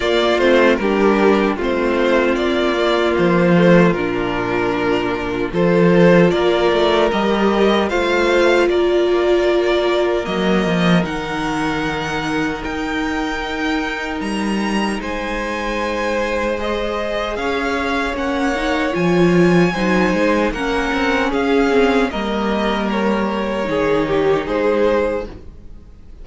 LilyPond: <<
  \new Staff \with { instrumentName = "violin" } { \time 4/4 \tempo 4 = 76 d''8 c''8 ais'4 c''4 d''4 | c''4 ais'2 c''4 | d''4 dis''4 f''4 d''4~ | d''4 dis''4 fis''2 |
g''2 ais''4 gis''4~ | gis''4 dis''4 f''4 fis''4 | gis''2 fis''4 f''4 | dis''4 cis''2 c''4 | }
  \new Staff \with { instrumentName = "violin" } { \time 4/4 f'4 g'4 f'2~ | f'2. a'4 | ais'2 c''4 ais'4~ | ais'1~ |
ais'2. c''4~ | c''2 cis''2~ | cis''4 c''4 ais'4 gis'4 | ais'2 gis'8 g'8 gis'4 | }
  \new Staff \with { instrumentName = "viola" } { \time 4/4 ais8 c'8 d'4 c'4. ais8~ | ais8 a8 d'2 f'4~ | f'4 g'4 f'2~ | f'4 ais4 dis'2~ |
dis'1~ | dis'4 gis'2 cis'8 dis'8 | f'4 dis'4 cis'4. c'8 | ais2 dis'2 | }
  \new Staff \with { instrumentName = "cello" } { \time 4/4 ais8 a8 g4 a4 ais4 | f4 ais,2 f4 | ais8 a8 g4 a4 ais4~ | ais4 fis8 f8 dis2 |
dis'2 g4 gis4~ | gis2 cis'4 ais4 | f4 fis8 gis8 ais8 c'8 cis'4 | g2 dis4 gis4 | }
>>